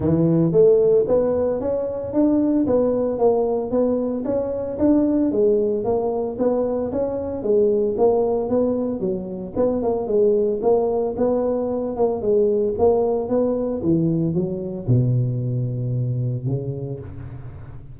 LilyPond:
\new Staff \with { instrumentName = "tuba" } { \time 4/4 \tempo 4 = 113 e4 a4 b4 cis'4 | d'4 b4 ais4 b4 | cis'4 d'4 gis4 ais4 | b4 cis'4 gis4 ais4 |
b4 fis4 b8 ais8 gis4 | ais4 b4. ais8 gis4 | ais4 b4 e4 fis4 | b,2. cis4 | }